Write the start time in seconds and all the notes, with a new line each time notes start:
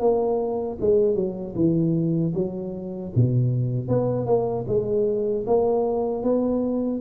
0.00 A#3
0.81 G#3
1.15 F#3
1.55 E3
2.34 F#3
3.16 B2
3.88 B3
4.26 A#3
4.67 G#3
5.47 A#3
6.23 B3